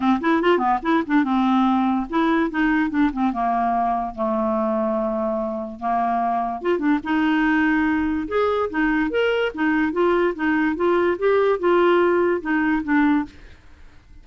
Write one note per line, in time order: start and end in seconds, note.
0.00 0.20 C4
0.21 0.41 E4
0.41 0.58 F4
0.58 0.78 B3
0.82 1.03 E4
1.06 1.24 D4
1.24 2.06 C4
2.09 2.50 E4
2.50 2.90 D#4
2.90 3.10 D4
3.13 3.33 C4
3.33 4.14 A#3
4.14 5.79 A3
5.79 6.61 A#3
6.61 6.78 F4
6.78 6.99 D4
7.03 8.27 D#4
8.28 8.69 G#4
8.70 9.10 D#4
9.10 9.52 A#4
9.54 9.92 D#4
9.92 10.34 F4
10.35 10.75 D#4
10.75 11.17 F4
11.18 11.59 G4
11.59 12.41 F4
12.41 12.82 D#4
12.83 13.25 D4